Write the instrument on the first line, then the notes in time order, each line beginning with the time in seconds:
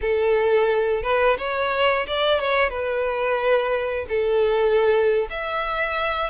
violin
0.01 A4
1.03 B4
1.38 C#5
2.06 D5
2.39 C#5
2.69 B4
4.08 A4
5.30 E5